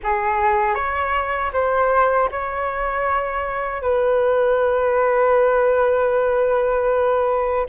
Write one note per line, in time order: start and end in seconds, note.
0.03 0.74 G#4
0.74 1.51 C#5
1.52 2.29 C5
2.31 3.81 C#5
3.81 7.66 B4